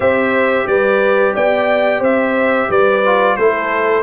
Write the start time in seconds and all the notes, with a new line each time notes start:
0.00 C4 G4 C5 E5
0.66 G3 B4 D5
1.34 B3 D5 G5
1.99 C4 C5 E5
2.69 G3 B4 D5
3.05 F4
3.36 A3 E4 A4 C5